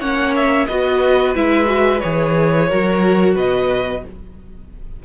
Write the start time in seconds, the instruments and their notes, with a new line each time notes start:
0.00 cello A#3, viola C#4, violin C#5 F#5
0.36 violin E5
0.67 cello B3, viola F#4, violin B4 D#5
1.35 cello G#3, viola E4, violin E5
1.66 viola F#4
2.00 cello E3, viola G#4, violin C#5
2.69 cello F#3, viola F#4, violin A#4
3.36 cello B2, violin B4 D#5